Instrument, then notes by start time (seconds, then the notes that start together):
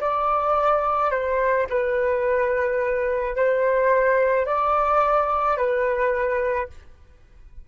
flute
0.00 D5
1.11 C5
1.69 B4
3.36 C5
4.46 D5
5.57 B4